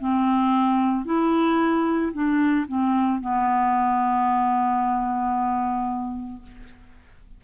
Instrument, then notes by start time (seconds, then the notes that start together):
clarinet
0.00 C4
1.06 E4
2.13 D4
2.68 C4
3.21 B3